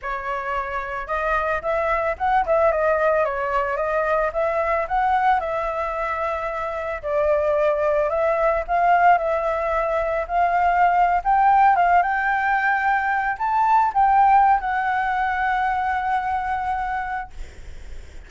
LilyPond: \new Staff \with { instrumentName = "flute" } { \time 4/4 \tempo 4 = 111 cis''2 dis''4 e''4 | fis''8 e''8 dis''4 cis''4 dis''4 | e''4 fis''4 e''2~ | e''4 d''2 e''4 |
f''4 e''2 f''4~ | f''8. g''4 f''8 g''4.~ g''16~ | g''8. a''4 g''4~ g''16 fis''4~ | fis''1 | }